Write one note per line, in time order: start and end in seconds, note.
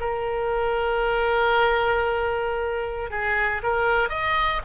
0.00 3.10 A#4
3.10 3.62 G#4
3.63 4.09 A#4
4.09 4.61 D#5